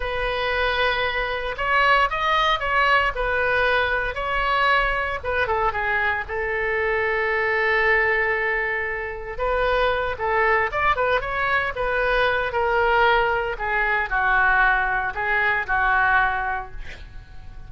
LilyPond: \new Staff \with { instrumentName = "oboe" } { \time 4/4 \tempo 4 = 115 b'2. cis''4 | dis''4 cis''4 b'2 | cis''2 b'8 a'8 gis'4 | a'1~ |
a'2 b'4. a'8~ | a'8 d''8 b'8 cis''4 b'4. | ais'2 gis'4 fis'4~ | fis'4 gis'4 fis'2 | }